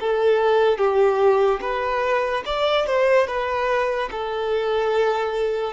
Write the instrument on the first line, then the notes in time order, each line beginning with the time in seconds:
violin
0.00 A4
0.78 G4
1.61 B4
2.45 D5
2.86 C5
3.27 B4
4.11 A4